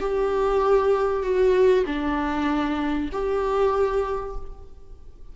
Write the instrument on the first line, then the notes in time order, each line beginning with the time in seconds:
viola
0.00 G4
1.22 F#4
1.86 D4
3.12 G4